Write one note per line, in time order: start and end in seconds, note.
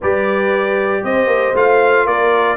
0.01 1.03 G3
0.01 1.55 G4
0.01 1.03 B4
0.01 1.04 D5
1.03 1.26 C4
1.03 2.06 C5
1.03 1.55 D#5
1.26 1.52 A#3
1.54 2.05 A3
1.54 2.56 F4
1.54 2.07 F5
2.06 2.56 A#3
2.06 2.56 A#4
2.06 2.56 D5